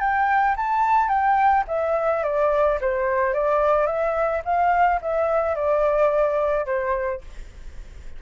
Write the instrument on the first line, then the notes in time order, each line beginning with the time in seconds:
flute
0.00 G5
0.56 A5
1.09 G5
1.68 E5
2.23 D5
2.81 C5
3.34 D5
3.86 E5
4.45 F5
5.02 E5
5.55 D5
6.66 C5